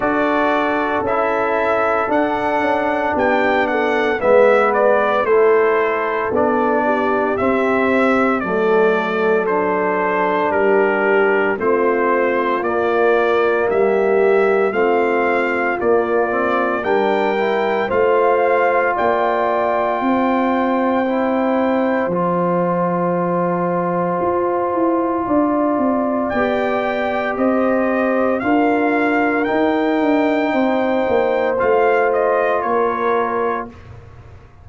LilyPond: <<
  \new Staff \with { instrumentName = "trumpet" } { \time 4/4 \tempo 4 = 57 d''4 e''4 fis''4 g''8 fis''8 | e''8 d''8 c''4 d''4 e''4 | d''4 c''4 ais'4 c''4 | d''4 e''4 f''4 d''4 |
g''4 f''4 g''2~ | g''4 a''2.~ | a''4 g''4 dis''4 f''4 | g''2 f''8 dis''8 cis''4 | }
  \new Staff \with { instrumentName = "horn" } { \time 4/4 a'2. g'8 a'8 | b'4 a'4. g'4. | a'2 g'4 f'4~ | f'4 g'4 f'2 |
ais'4 c''4 d''4 c''4~ | c''1 | d''2 c''4 ais'4~ | ais'4 c''2 ais'4 | }
  \new Staff \with { instrumentName = "trombone" } { \time 4/4 fis'4 e'4 d'2 | b4 e'4 d'4 c'4 | a4 d'2 c'4 | ais2 c'4 ais8 c'8 |
d'8 e'8 f'2. | e'4 f'2.~ | f'4 g'2 f'4 | dis'2 f'2 | }
  \new Staff \with { instrumentName = "tuba" } { \time 4/4 d'4 cis'4 d'8 cis'8 b4 | gis4 a4 b4 c'4 | fis2 g4 a4 | ais4 g4 a4 ais4 |
g4 a4 ais4 c'4~ | c'4 f2 f'8 e'8 | d'8 c'8 b4 c'4 d'4 | dis'8 d'8 c'8 ais8 a4 ais4 | }
>>